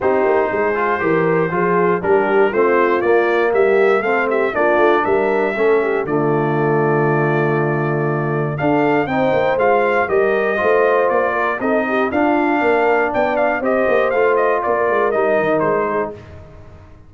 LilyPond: <<
  \new Staff \with { instrumentName = "trumpet" } { \time 4/4 \tempo 4 = 119 c''1 | ais'4 c''4 d''4 e''4 | f''8 e''8 d''4 e''2 | d''1~ |
d''4 f''4 g''4 f''4 | dis''2 d''4 dis''4 | f''2 g''8 f''8 dis''4 | f''8 dis''8 d''4 dis''4 c''4 | }
  \new Staff \with { instrumentName = "horn" } { \time 4/4 g'4 gis'4 ais'4 gis'4 | g'4 f'2 g'4 | a'8 g'8 f'4 ais'4 a'8 g'8 | f'1~ |
f'4 a'4 c''2 | ais'4 c''4. ais'8 a'8 g'8 | f'4 ais'4 d''4 c''4~ | c''4 ais'2~ ais'8 gis'8 | }
  \new Staff \with { instrumentName = "trombone" } { \time 4/4 dis'4. f'8 g'4 f'4 | d'4 c'4 ais2 | c'4 d'2 cis'4 | a1~ |
a4 d'4 dis'4 f'4 | g'4 f'2 dis'4 | d'2. g'4 | f'2 dis'2 | }
  \new Staff \with { instrumentName = "tuba" } { \time 4/4 c'8 ais8 gis4 e4 f4 | g4 a4 ais4 g4 | a4 ais8 a8 g4 a4 | d1~ |
d4 d'4 c'8 ais8 gis4 | g4 a4 ais4 c'4 | d'4 ais4 b4 c'8 ais8 | a4 ais8 gis8 g8 dis8 gis4 | }
>>